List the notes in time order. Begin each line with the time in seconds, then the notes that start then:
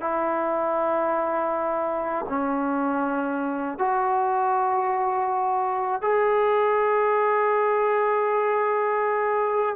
0.00 E4
2.28 C#4
3.78 F#4
6.01 G#4